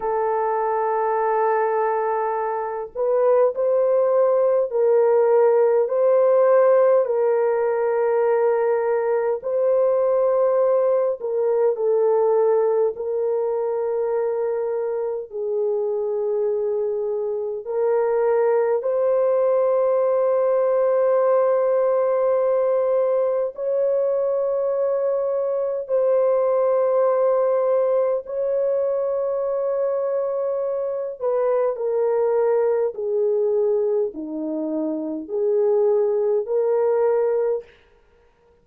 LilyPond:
\new Staff \with { instrumentName = "horn" } { \time 4/4 \tempo 4 = 51 a'2~ a'8 b'8 c''4 | ais'4 c''4 ais'2 | c''4. ais'8 a'4 ais'4~ | ais'4 gis'2 ais'4 |
c''1 | cis''2 c''2 | cis''2~ cis''8 b'8 ais'4 | gis'4 dis'4 gis'4 ais'4 | }